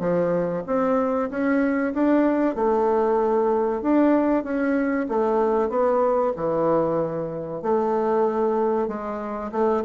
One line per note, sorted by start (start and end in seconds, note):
0.00 0.63 F3
0.67 1.30 C4
1.30 1.93 C#4
1.94 2.56 D4
2.56 3.82 A3
3.82 4.44 D4
4.44 5.07 C#4
5.09 5.70 A3
5.70 6.33 B3
6.36 7.62 E3
7.62 8.88 A3
8.88 9.51 G#3
9.52 9.84 A3